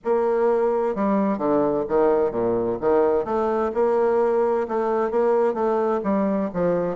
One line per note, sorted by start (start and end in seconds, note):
0.04 0.95 A#3
0.95 1.37 G3
1.37 1.84 D3
1.88 2.31 D#3
2.31 2.77 A#2
2.80 3.24 D#3
3.24 3.71 A3
3.74 4.67 A#3
4.68 5.10 A3
5.10 5.53 A#3
5.53 6.00 A3
6.03 6.50 G3
6.53 6.96 F3